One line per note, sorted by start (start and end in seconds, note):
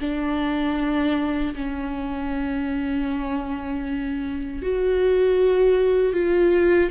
0.00 1.54 D4
1.55 4.62 C#4
4.62 6.13 F#4
6.13 6.90 F4